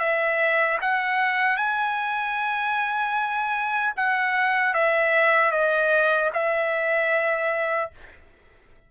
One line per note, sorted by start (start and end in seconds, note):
0.00 0.79 E5
0.82 1.57 F#5
1.57 3.94 G#5
3.97 4.74 F#5
4.74 5.52 E5
5.52 6.31 D#5
6.34 7.92 E5